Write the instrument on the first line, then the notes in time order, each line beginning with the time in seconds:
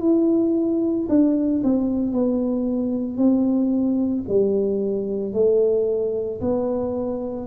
tuba
0.00 E4
1.09 D4
1.63 C4
2.12 B3
3.17 C4
4.28 G3
5.33 A3
6.40 B3